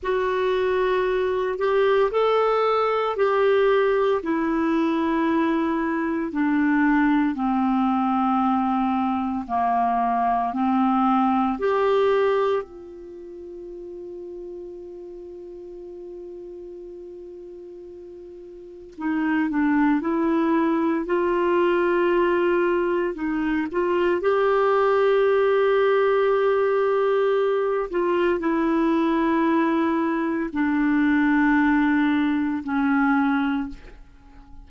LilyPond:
\new Staff \with { instrumentName = "clarinet" } { \time 4/4 \tempo 4 = 57 fis'4. g'8 a'4 g'4 | e'2 d'4 c'4~ | c'4 ais4 c'4 g'4 | f'1~ |
f'2 dis'8 d'8 e'4 | f'2 dis'8 f'8 g'4~ | g'2~ g'8 f'8 e'4~ | e'4 d'2 cis'4 | }